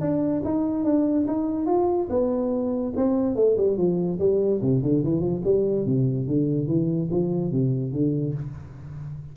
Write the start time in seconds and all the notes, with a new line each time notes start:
0.00 D4
0.44 D#4
0.84 D4
1.27 D#4
1.66 F4
2.09 B3
2.96 C4
3.35 A3
3.57 G3
3.77 F3
4.19 G3
4.61 C3
4.82 D3
5.03 E3
5.20 F3
5.44 G3
5.85 C3
6.27 D3
6.67 E3
7.10 F3
7.51 C3
7.92 D3